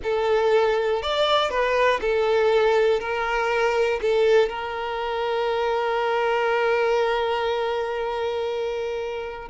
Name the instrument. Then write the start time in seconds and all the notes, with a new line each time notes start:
violin
0.02 A4
1.02 D5
1.50 B4
2.01 A4
3.00 A#4
4.01 A4
4.49 A#4